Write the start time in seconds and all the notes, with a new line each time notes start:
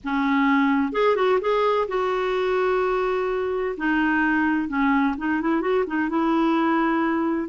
0.04 C#4
0.92 G#4
1.15 F#4
1.40 G#4
1.87 F#4
3.77 D#4
4.68 C#4
5.17 D#4
5.41 E4
5.61 F#4
5.87 D#4
6.09 E4